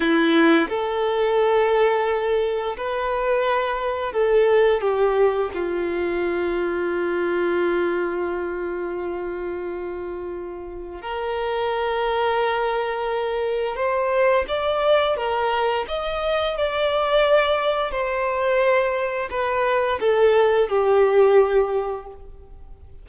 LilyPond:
\new Staff \with { instrumentName = "violin" } { \time 4/4 \tempo 4 = 87 e'4 a'2. | b'2 a'4 g'4 | f'1~ | f'1 |
ais'1 | c''4 d''4 ais'4 dis''4 | d''2 c''2 | b'4 a'4 g'2 | }